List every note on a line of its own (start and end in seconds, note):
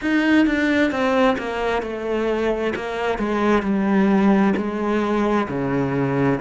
0.01 0.46 D#4
0.46 0.91 D4
0.91 1.36 C4
1.38 1.82 A#3
1.82 2.73 A3
2.75 3.18 A#3
3.18 3.62 G#3
3.62 4.53 G3
4.57 5.48 G#3
5.48 6.39 C#3